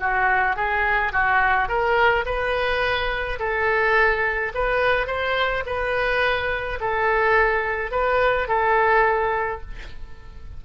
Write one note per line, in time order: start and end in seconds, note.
0.00 0.57 F#4
0.57 1.13 G#4
1.13 1.69 F#4
1.69 2.25 A#4
2.26 3.40 B4
3.40 4.53 A4
4.55 5.07 B4
5.07 5.64 C5
5.66 6.80 B4
6.81 7.92 A4
7.92 8.48 B4
8.49 9.62 A4